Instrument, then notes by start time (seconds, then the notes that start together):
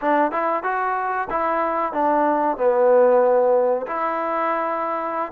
trombone
0.01 D4
0.31 E4
0.63 F#4
1.29 E4
1.92 D4
2.57 B3
3.87 E4